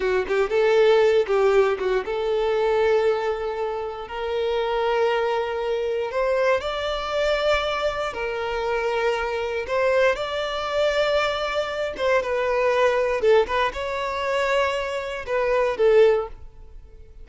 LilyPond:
\new Staff \with { instrumentName = "violin" } { \time 4/4 \tempo 4 = 118 fis'8 g'8 a'4. g'4 fis'8 | a'1 | ais'1 | c''4 d''2. |
ais'2. c''4 | d''2.~ d''8 c''8 | b'2 a'8 b'8 cis''4~ | cis''2 b'4 a'4 | }